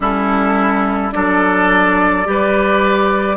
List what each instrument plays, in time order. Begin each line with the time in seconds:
0.00 bassoon G3, clarinet C#4, oboe E4, flute A4
1.12 bassoon F#3, clarinet D4, oboe A4, flute D5
2.24 bassoon G3, clarinet G4, oboe B4